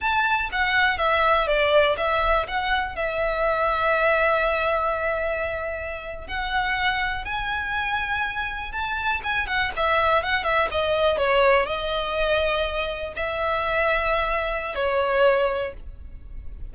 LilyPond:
\new Staff \with { instrumentName = "violin" } { \time 4/4 \tempo 4 = 122 a''4 fis''4 e''4 d''4 | e''4 fis''4 e''2~ | e''1~ | e''8. fis''2 gis''4~ gis''16~ |
gis''4.~ gis''16 a''4 gis''8 fis''8 e''16~ | e''8. fis''8 e''8 dis''4 cis''4 dis''16~ | dis''2~ dis''8. e''4~ e''16~ | e''2 cis''2 | }